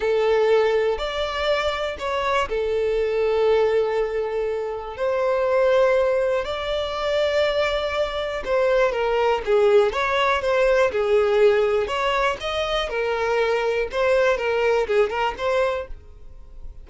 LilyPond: \new Staff \with { instrumentName = "violin" } { \time 4/4 \tempo 4 = 121 a'2 d''2 | cis''4 a'2.~ | a'2 c''2~ | c''4 d''2.~ |
d''4 c''4 ais'4 gis'4 | cis''4 c''4 gis'2 | cis''4 dis''4 ais'2 | c''4 ais'4 gis'8 ais'8 c''4 | }